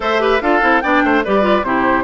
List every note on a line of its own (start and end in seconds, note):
0.00 0.40 A3
0.00 0.19 A4
0.00 0.21 C5
0.00 0.41 E5
0.19 0.39 G4
0.19 0.42 B4
0.41 0.61 D4
0.41 0.61 F4
0.41 0.83 A4
0.41 0.80 F5
0.61 0.82 C4
0.61 0.81 E4
0.80 1.03 B3
0.80 1.24 D4
0.80 1.03 D5
0.80 1.21 G5
1.03 1.24 A3
1.03 1.24 C5
1.24 1.62 G3
1.24 1.41 G4
1.24 1.65 B4
1.24 1.64 D5
1.41 1.62 F4
1.62 2.04 C3
1.62 2.04 E4
1.62 2.04 G4
1.62 2.04 C5